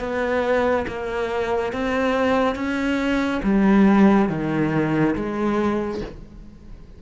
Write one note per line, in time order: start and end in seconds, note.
0.00 0.86 B3
0.88 1.73 A#3
1.73 2.56 C4
2.56 3.41 C#4
3.43 4.29 G3
4.29 5.15 D#3
5.15 6.01 G#3